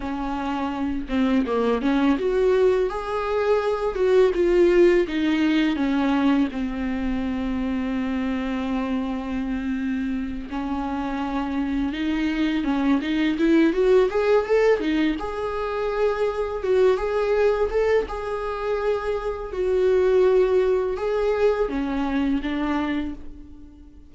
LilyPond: \new Staff \with { instrumentName = "viola" } { \time 4/4 \tempo 4 = 83 cis'4. c'8 ais8 cis'8 fis'4 | gis'4. fis'8 f'4 dis'4 | cis'4 c'2.~ | c'2~ c'8 cis'4.~ |
cis'8 dis'4 cis'8 dis'8 e'8 fis'8 gis'8 | a'8 dis'8 gis'2 fis'8 gis'8~ | gis'8 a'8 gis'2 fis'4~ | fis'4 gis'4 cis'4 d'4 | }